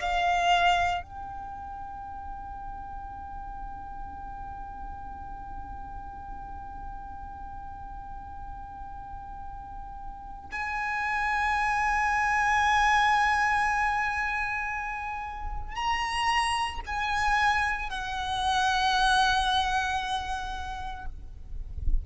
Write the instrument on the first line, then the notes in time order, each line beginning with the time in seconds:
violin
0.00 F5
1.03 G5
10.52 G#5
15.76 A#5
16.87 G#5
17.90 F#5